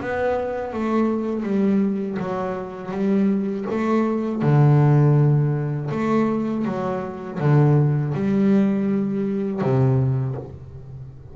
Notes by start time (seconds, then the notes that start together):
0.00 B3
0.72 A3
1.43 G3
2.19 F#3
2.91 G3
3.70 A3
4.42 D3
5.91 A3
6.65 F#3
7.39 D3
8.14 G3
9.61 C3